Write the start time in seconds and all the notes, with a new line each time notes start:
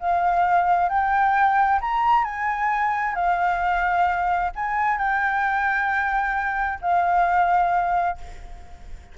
0.00 F5
0.89 G5
1.81 A#5
2.24 G#5
3.15 F5
4.56 G#5
4.98 G5
6.82 F5